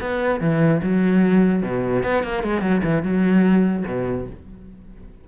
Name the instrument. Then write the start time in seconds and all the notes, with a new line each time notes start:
cello
0.00 B3
0.40 E3
0.82 F#3
1.62 B2
2.03 B3
2.23 A#3
2.43 G#3
2.61 F#3
2.83 E3
3.02 F#3
3.86 B2